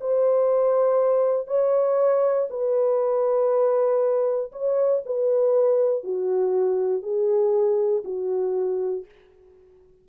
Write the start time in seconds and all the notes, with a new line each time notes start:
0.00 C5
1.47 C#5
2.50 B4
4.52 C#5
5.05 B4
6.03 F#4
7.02 G#4
8.04 F#4